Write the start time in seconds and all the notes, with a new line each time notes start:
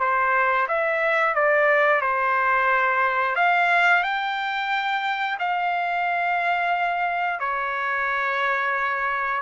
0.00 C5
0.68 E5
1.35 D5
2.02 C5
3.36 F5
4.03 G5
5.40 F5
7.40 C#5